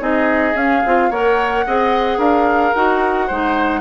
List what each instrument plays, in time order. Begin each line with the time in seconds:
0.00 bassoon C4, clarinet D#4, oboe G#4, flute D#5
0.54 bassoon C#4, clarinet C#4, flute F5
0.86 bassoon C4, clarinet F4
1.10 bassoon A#3, clarinet A#4, oboe C#5, flute F#5
1.67 bassoon C4, clarinet G#4, oboe D#5
2.18 bassoon D4, oboe A#4, flute F5
2.74 bassoon D#4, clarinet F#4, flute F#5
3.27 bassoon G#3, clarinet D#4, oboe C5